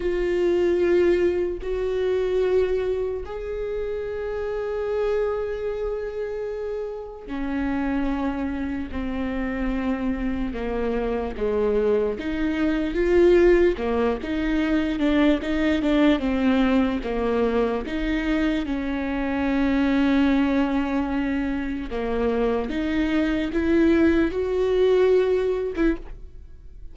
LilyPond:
\new Staff \with { instrumentName = "viola" } { \time 4/4 \tempo 4 = 74 f'2 fis'2 | gis'1~ | gis'4 cis'2 c'4~ | c'4 ais4 gis4 dis'4 |
f'4 ais8 dis'4 d'8 dis'8 d'8 | c'4 ais4 dis'4 cis'4~ | cis'2. ais4 | dis'4 e'4 fis'4.~ fis'16 e'16 | }